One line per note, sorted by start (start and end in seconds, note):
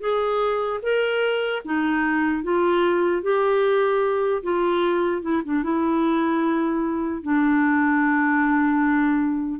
0.00 0.80 G#4
0.82 1.62 A#4
1.64 2.43 D#4
2.43 3.22 F4
3.22 4.42 G4
4.43 5.22 F4
5.22 5.42 E4
5.44 5.63 D4
5.63 7.22 E4
7.22 9.60 D4